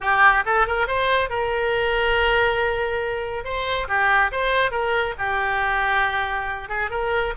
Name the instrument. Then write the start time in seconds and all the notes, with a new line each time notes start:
oboe
0.01 G4
0.45 A4
0.66 A#4
0.87 C5
1.29 A#4
3.44 C5
3.88 G4
4.31 C5
4.71 A#4
5.18 G4
6.68 G#4
6.90 A#4